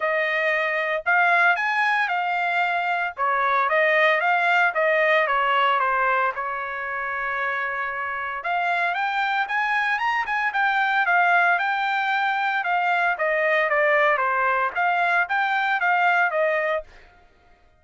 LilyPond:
\new Staff \with { instrumentName = "trumpet" } { \time 4/4 \tempo 4 = 114 dis''2 f''4 gis''4 | f''2 cis''4 dis''4 | f''4 dis''4 cis''4 c''4 | cis''1 |
f''4 g''4 gis''4 ais''8 gis''8 | g''4 f''4 g''2 | f''4 dis''4 d''4 c''4 | f''4 g''4 f''4 dis''4 | }